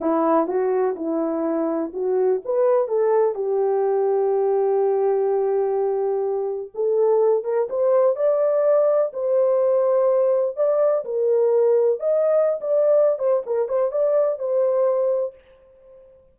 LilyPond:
\new Staff \with { instrumentName = "horn" } { \time 4/4 \tempo 4 = 125 e'4 fis'4 e'2 | fis'4 b'4 a'4 g'4~ | g'1~ | g'2 a'4. ais'8 |
c''4 d''2 c''4~ | c''2 d''4 ais'4~ | ais'4 dis''4~ dis''16 d''4~ d''16 c''8 | ais'8 c''8 d''4 c''2 | }